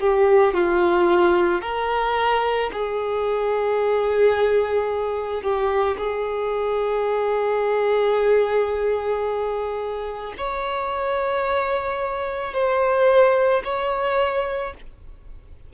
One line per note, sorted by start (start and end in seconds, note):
0.00 0.54 G4
0.54 1.61 F4
1.61 2.70 A#4
2.73 5.42 G#4
5.42 5.97 G4
5.98 10.34 G#4
10.37 12.54 C#5
12.54 13.63 C5
13.64 14.73 C#5